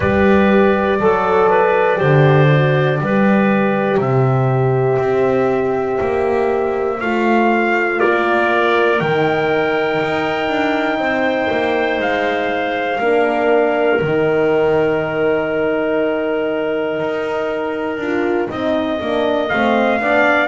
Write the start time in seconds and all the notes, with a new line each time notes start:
0.00 G3 G4 B4 D5
1.00 F#3 A4
1.49 B4
1.96 D3 G4 C5
2.50 F#4
2.97 G3 G4 B4
3.97 C3 C5 E5
4.98 C4
6.00 A#3
7.00 A3 F4 F5
7.97 A#4 D5
8.04 A#3
8.99 D#3 D#4 G5
10.02 D#4
10.48 D4
10.98 C4 C5
11.50 A#3
11.99 G#3 F5
13.00 A#3 D4 A#4
13.99 D#3 D#4 G5
17.00 D#4
17.97 D4 F4
18.49 C4 D#4 D#5
19.00 A#3 D4
19.48 A3 C4 F5
19.99 B3 D4 D5